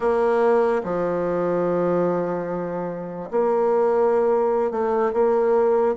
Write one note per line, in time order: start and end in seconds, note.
0.00 0.81 A#3
0.83 3.30 F3
3.30 4.71 A#3
4.71 5.12 A3
5.13 5.95 A#3